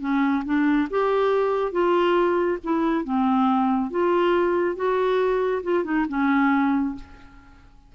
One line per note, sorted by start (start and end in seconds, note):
0.00 0.43 C#4
0.45 0.88 D4
0.90 1.71 G4
1.71 2.58 F4
2.64 3.04 E4
3.04 3.90 C4
3.90 4.75 F4
4.75 5.62 F#4
5.63 5.84 F4
5.84 6.05 D#4
6.08 6.95 C#4